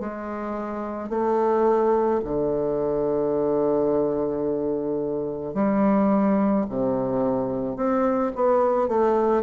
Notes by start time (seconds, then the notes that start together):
0.00 G#3
1.10 A3
2.24 D3
5.54 G3
6.69 C3
7.76 C4
8.35 B3
8.88 A3